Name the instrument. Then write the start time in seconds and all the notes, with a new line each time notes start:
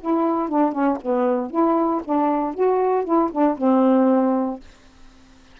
saxophone
0.00 E4
0.48 D4
0.72 C#4
1.01 B3
1.50 E4
2.04 D4
2.54 F#4
3.04 E4
3.31 D4
3.57 C4